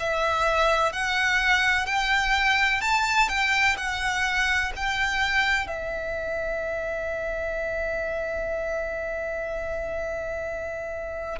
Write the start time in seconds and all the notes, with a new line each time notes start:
0.00 E5
0.93 F#5
1.87 G5
2.82 A5
3.29 G5
3.77 F#5
4.76 G5
5.68 E5